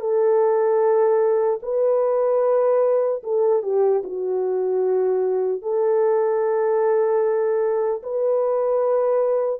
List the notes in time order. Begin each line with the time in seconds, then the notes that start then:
0.00 A4
1.62 B4
3.23 A4
3.62 G4
4.04 F#4
5.62 A4
8.03 B4